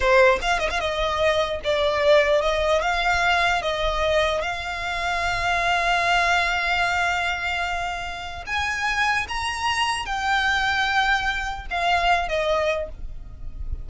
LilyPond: \new Staff \with { instrumentName = "violin" } { \time 4/4 \tempo 4 = 149 c''4 f''8 dis''16 f''16 dis''2 | d''2 dis''4 f''4~ | f''4 dis''2 f''4~ | f''1~ |
f''1~ | f''4 gis''2 ais''4~ | ais''4 g''2.~ | g''4 f''4. dis''4. | }